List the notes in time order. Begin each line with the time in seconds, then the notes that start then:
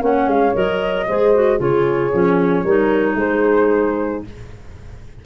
0.00 A#3 C#4 C#5 F#5
0.27 G#3 F5
0.54 F#3 A#4 D#5
1.08 G#3 G#4 C5
1.35 F#4
1.58 C#3 F4 G#4 C#5
2.13 F3 C#4
2.64 G3 D#4 A#4
3.14 G#3 G#4 C5